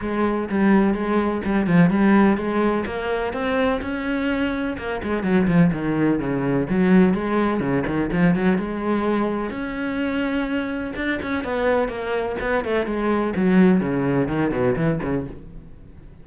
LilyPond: \new Staff \with { instrumentName = "cello" } { \time 4/4 \tempo 4 = 126 gis4 g4 gis4 g8 f8 | g4 gis4 ais4 c'4 | cis'2 ais8 gis8 fis8 f8 | dis4 cis4 fis4 gis4 |
cis8 dis8 f8 fis8 gis2 | cis'2. d'8 cis'8 | b4 ais4 b8 a8 gis4 | fis4 cis4 dis8 b,8 e8 cis8 | }